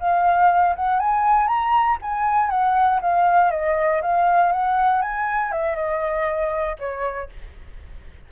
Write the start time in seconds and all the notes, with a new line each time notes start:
0.00 F5
0.76 F#5
0.99 G#5
1.48 A#5
2.02 G#5
2.50 F#5
3.02 F5
3.51 D#5
4.02 F5
4.52 F#5
5.02 G#5
5.52 E5
5.75 D#5
6.79 C#5